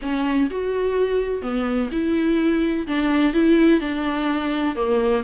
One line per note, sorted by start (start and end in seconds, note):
0.02 0.49 C#4
0.50 1.42 F#4
1.42 1.89 B3
1.91 2.87 E4
2.87 3.33 D4
3.33 3.80 E4
3.80 4.75 D4
4.75 5.23 A#3